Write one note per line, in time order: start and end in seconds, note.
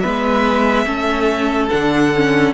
0.00 0.86 G#3
0.00 0.85 B3
0.00 0.85 B4
0.00 1.67 E5
0.85 1.69 A3
0.85 1.69 C#4
0.85 2.53 A4
1.70 2.53 D3
1.70 2.12 D4
1.70 2.53 F#5
2.15 2.53 C#4